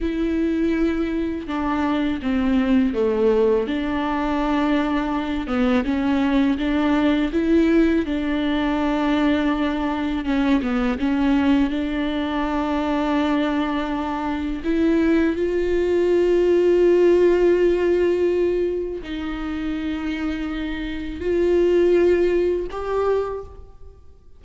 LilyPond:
\new Staff \with { instrumentName = "viola" } { \time 4/4 \tempo 4 = 82 e'2 d'4 c'4 | a4 d'2~ d'8 b8 | cis'4 d'4 e'4 d'4~ | d'2 cis'8 b8 cis'4 |
d'1 | e'4 f'2.~ | f'2 dis'2~ | dis'4 f'2 g'4 | }